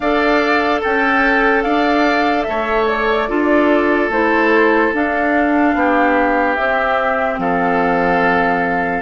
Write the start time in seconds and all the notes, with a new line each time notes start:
0.00 D4 A4 D5 F5
0.81 C#4 A4 G5
1.62 D4 D5 F5
2.42 A3 E5
2.49 C#5
2.87 D5
3.28 D4 F4 A4
4.09 A3 E4 C5
4.92 D4 F5
5.74 B3 G4
6.55 C4 E5
7.38 F3 A4 F5